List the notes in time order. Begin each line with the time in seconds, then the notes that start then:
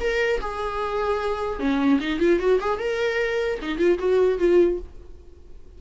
0.00 A#4
0.40 G#4
1.59 C#4
2.00 D#4
2.19 F4
2.39 F#4
2.60 G#4
2.79 A#4
3.62 D#4
3.78 F4
3.98 F#4
4.38 F4